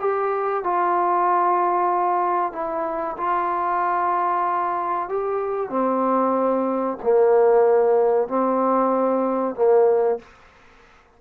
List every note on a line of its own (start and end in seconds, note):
0.00 0.64 G4
0.64 2.52 F4
2.52 3.16 E4
3.17 5.09 F4
5.09 5.70 G4
5.70 6.97 C4
7.03 8.28 A#3
8.28 9.55 C4
9.55 10.19 A#3